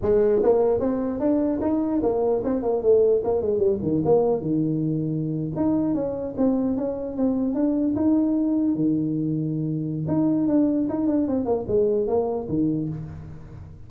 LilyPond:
\new Staff \with { instrumentName = "tuba" } { \time 4/4 \tempo 4 = 149 gis4 ais4 c'4 d'4 | dis'4 ais4 c'8 ais8 a4 | ais8 gis8 g8 dis8 ais4 dis4~ | dis4.~ dis16 dis'4 cis'4 c'16~ |
c'8. cis'4 c'4 d'4 dis'16~ | dis'4.~ dis'16 dis2~ dis16~ | dis4 dis'4 d'4 dis'8 d'8 | c'8 ais8 gis4 ais4 dis4 | }